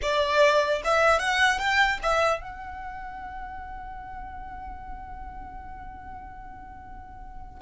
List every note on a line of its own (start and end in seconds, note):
0.02 0.82 D5
0.84 1.19 E5
1.19 1.59 F#5
1.59 1.99 G5
2.02 2.41 E5
2.41 7.61 F#5